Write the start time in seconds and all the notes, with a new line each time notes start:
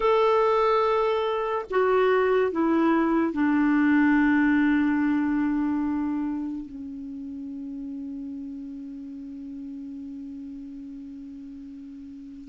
0.00 A4
1.70 F#4
2.51 E4
3.33 D4
6.66 C#4